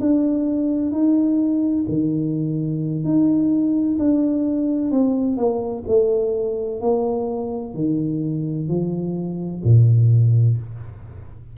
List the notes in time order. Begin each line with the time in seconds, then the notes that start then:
0.00 D4
0.91 D#4
1.88 D#3
3.04 D#4
3.98 D4
4.90 C4
5.37 A#3
5.87 A3
6.80 A#3
7.74 D#3
8.68 F3
9.63 A#2